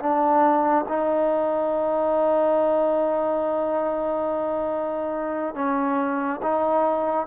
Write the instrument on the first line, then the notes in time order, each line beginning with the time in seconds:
trombone
0.00 D4
0.88 D#4
5.55 C#4
6.42 D#4